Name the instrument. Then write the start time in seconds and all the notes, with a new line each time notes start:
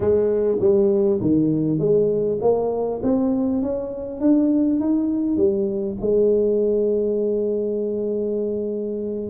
tuba
0.00 G#3
0.60 G3
1.21 D#3
1.78 G#3
2.41 A#3
3.02 C4
3.62 C#4
4.20 D4
4.80 D#4
5.36 G3
6.00 G#3